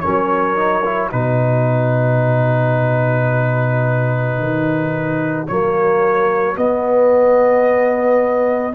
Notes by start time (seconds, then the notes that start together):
0.00 F#3 C#4 A#4 C#5
0.55 D#4
0.84 E4
1.10 B2 D#4 F#4 B4
4.38 D#3
5.47 F#3 A#3 C#5
6.54 B3 D#5